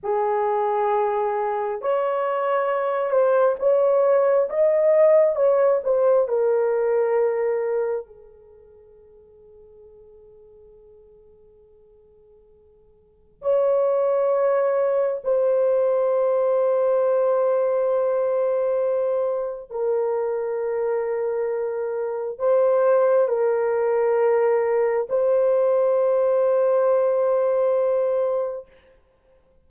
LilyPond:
\new Staff \with { instrumentName = "horn" } { \time 4/4 \tempo 4 = 67 gis'2 cis''4. c''8 | cis''4 dis''4 cis''8 c''8 ais'4~ | ais'4 gis'2.~ | gis'2. cis''4~ |
cis''4 c''2.~ | c''2 ais'2~ | ais'4 c''4 ais'2 | c''1 | }